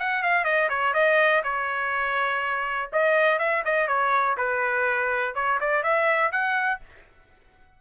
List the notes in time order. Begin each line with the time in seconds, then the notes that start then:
0.00 F#5
0.23 F5
0.45 D#5
0.70 C#5
0.94 D#5
1.44 C#5
2.93 D#5
3.39 E5
3.65 D#5
3.88 C#5
4.38 B4
5.35 C#5
5.61 D5
5.84 E5
6.32 F#5